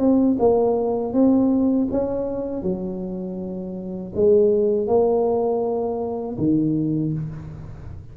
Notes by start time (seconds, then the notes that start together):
0.00 C4
0.40 A#3
1.14 C4
1.92 C#4
2.63 F#3
4.16 G#3
4.88 A#3
6.39 D#3